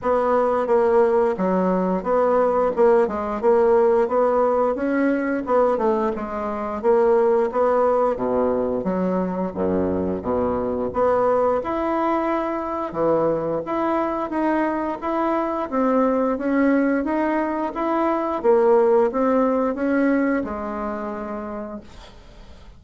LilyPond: \new Staff \with { instrumentName = "bassoon" } { \time 4/4 \tempo 4 = 88 b4 ais4 fis4 b4 | ais8 gis8 ais4 b4 cis'4 | b8 a8 gis4 ais4 b4 | b,4 fis4 fis,4 b,4 |
b4 e'2 e4 | e'4 dis'4 e'4 c'4 | cis'4 dis'4 e'4 ais4 | c'4 cis'4 gis2 | }